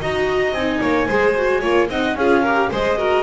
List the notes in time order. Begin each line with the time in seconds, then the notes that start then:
0.00 D#4 F#4 D#5 A#5
0.52 C4 D#4 G#5
0.81 A#3 C#5
1.07 G#3 G#4 C5
1.36 F#4
1.60 A#3 F4 C#5
1.89 C4 D#4 D#5 F#5
2.15 C#4 F4 G#4 F5
2.42 G4 A#4
2.71 G#3 G#4 C5 D#5
2.98 F#4 A#4